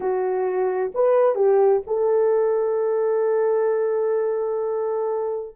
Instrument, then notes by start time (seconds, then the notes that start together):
horn
0.00 F#4
0.94 B4
1.35 G4
1.86 A4